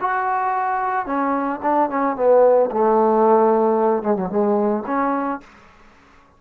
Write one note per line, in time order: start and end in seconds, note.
0.00 1.06 F#4
1.06 1.60 C#4
1.62 1.89 D4
1.89 2.15 C#4
2.15 2.70 B3
2.71 4.02 A3
4.02 4.16 G#3
4.16 4.29 F#3
4.29 4.83 G#3
4.86 5.40 C#4